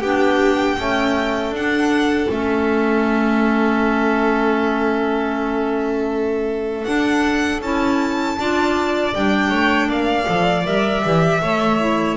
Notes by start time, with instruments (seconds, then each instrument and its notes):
0.00 double bass B3, clarinet D4, violin G4 G5
0.78 clarinet A3, double bass C#4, violin A4
1.50 double bass D4, clarinet D4, violin F#5
2.29 double bass A3, clarinet C#4, violin E5
6.84 clarinet D4, double bass D4, violin F#5
7.61 double bass C#4, clarinet E4, violin A5
8.37 double bass D4, clarinet F4, violin D5
9.13 double bass G3, clarinet D4, violin G5
9.49 double bass A3, violin C#5
9.88 double bass A#3, violin D5 F5
10.24 double bass F3, clarinet A4
10.64 double bass G3, clarinet A#4, violin E5
11.03 double bass E3, clarinet G4
11.41 double bass A3, clarinet A4, violin C#5
11.79 clarinet E4